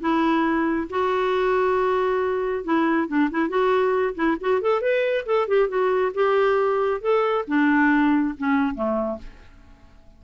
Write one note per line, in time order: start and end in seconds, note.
0.00 0.88 E4
0.90 2.64 F#4
2.64 3.08 E4
3.08 3.29 D4
3.30 3.49 E4
3.49 4.14 F#4
4.15 4.37 E4
4.40 4.61 F#4
4.61 4.81 A4
4.81 5.25 B4
5.26 5.47 A4
5.48 5.68 G4
5.68 6.12 F#4
6.14 7.01 G4
7.01 7.45 A4
7.47 8.35 D4
8.37 8.74 C#4
8.74 9.18 A3